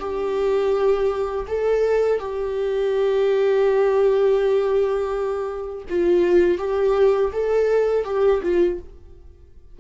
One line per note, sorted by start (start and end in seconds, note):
0.00 1.46 G4
1.47 2.20 A4
2.20 5.85 G4
5.89 6.58 F4
6.58 7.31 G4
7.33 8.05 A4
8.05 8.41 G4
8.43 8.79 F4